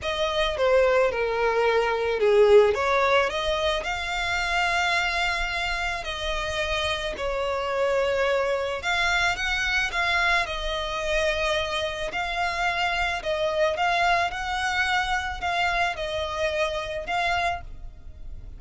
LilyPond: \new Staff \with { instrumentName = "violin" } { \time 4/4 \tempo 4 = 109 dis''4 c''4 ais'2 | gis'4 cis''4 dis''4 f''4~ | f''2. dis''4~ | dis''4 cis''2. |
f''4 fis''4 f''4 dis''4~ | dis''2 f''2 | dis''4 f''4 fis''2 | f''4 dis''2 f''4 | }